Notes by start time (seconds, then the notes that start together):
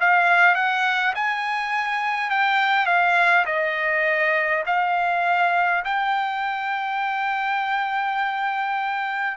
0.00 F5
0.55 F#5
1.14 G#5
2.30 G5
2.86 F5
3.46 D#5
4.66 F5
5.84 G5